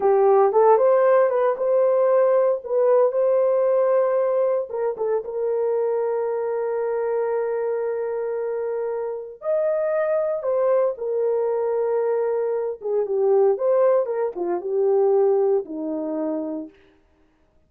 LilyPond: \new Staff \with { instrumentName = "horn" } { \time 4/4 \tempo 4 = 115 g'4 a'8 c''4 b'8 c''4~ | c''4 b'4 c''2~ | c''4 ais'8 a'8 ais'2~ | ais'1~ |
ais'2 dis''2 | c''4 ais'2.~ | ais'8 gis'8 g'4 c''4 ais'8 f'8 | g'2 dis'2 | }